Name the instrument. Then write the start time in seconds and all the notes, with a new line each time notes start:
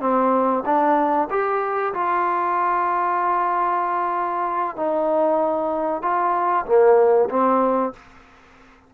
trombone
0.00 C4
0.65 D4
1.30 G4
1.93 F4
4.76 D#4
6.02 F4
6.65 A#3
7.29 C4